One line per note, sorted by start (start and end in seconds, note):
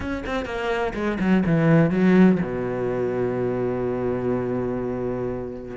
0.00 0.23 C#4
0.26 0.45 C4
0.45 0.93 A#3
0.94 1.18 G#3
1.19 1.43 F#3
1.46 1.90 E3
1.90 2.38 F#3
2.42 5.76 B2